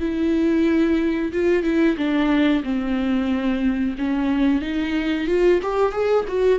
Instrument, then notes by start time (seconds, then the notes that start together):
viola
0.00 E4
1.32 F4
1.63 E4
1.97 D4
2.64 C4
3.98 C#4
4.62 D#4
5.27 F4
5.62 G4
5.92 G#4
6.28 F#4